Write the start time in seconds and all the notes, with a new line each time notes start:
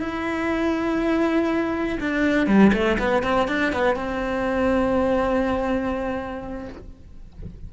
0.00 E4
2.00 D4
2.47 G3
2.73 A3
2.98 B3
3.23 C4
3.48 D4
3.72 B3
3.95 C4